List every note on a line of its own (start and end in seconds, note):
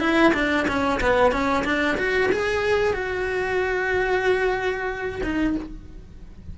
0.00 0.33 E4
0.34 0.66 D4
0.68 1.00 C#4
1.01 1.32 B3
1.32 1.65 C#4
1.65 1.97 D4
1.98 2.30 F#4
2.32 2.94 G#4
2.94 5.22 F#4
5.24 5.56 D#4